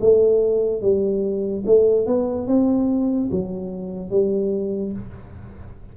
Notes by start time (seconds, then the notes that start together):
0.00 A3
0.81 G3
1.66 A3
2.06 B3
2.47 C4
3.31 F#3
4.10 G3